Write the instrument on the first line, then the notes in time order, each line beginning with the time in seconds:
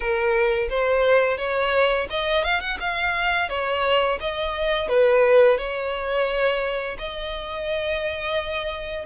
violin
0.00 A#4
0.69 C5
1.37 C#5
2.10 D#5
2.44 F5
2.60 F#5
2.79 F5
3.49 C#5
4.20 D#5
4.88 B4
5.57 C#5
6.98 D#5